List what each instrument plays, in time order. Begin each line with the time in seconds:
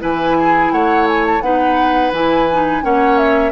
0.00 bassoon E3, clarinet E4, oboe B4, flute G#5
0.39 oboe G#4
0.72 bassoon A3, oboe C#5, flute F#5
1.08 flute G#5
1.26 flute A5
1.41 bassoon B3, clarinet D#4, oboe B4, flute F#5
2.12 bassoon E3, clarinet E4, flute G#5
2.53 clarinet D#4
2.82 bassoon A#3, clarinet C#4, oboe C#5, flute F#5
3.18 flute E5